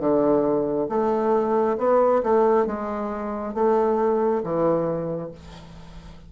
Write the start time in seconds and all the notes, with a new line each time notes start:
0.00 D3
0.89 A3
1.78 B3
2.23 A3
2.67 G#3
3.55 A3
4.44 E3